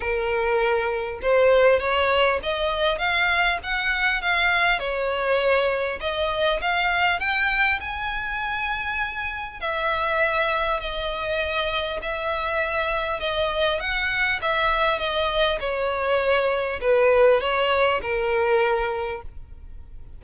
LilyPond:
\new Staff \with { instrumentName = "violin" } { \time 4/4 \tempo 4 = 100 ais'2 c''4 cis''4 | dis''4 f''4 fis''4 f''4 | cis''2 dis''4 f''4 | g''4 gis''2. |
e''2 dis''2 | e''2 dis''4 fis''4 | e''4 dis''4 cis''2 | b'4 cis''4 ais'2 | }